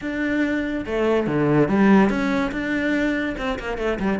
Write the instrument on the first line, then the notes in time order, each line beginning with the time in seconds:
cello
0.01 D4
0.86 A3
1.26 D3
1.68 G3
2.09 C#4
2.51 D4
3.37 C4
3.59 A#3
3.77 A3
3.99 G3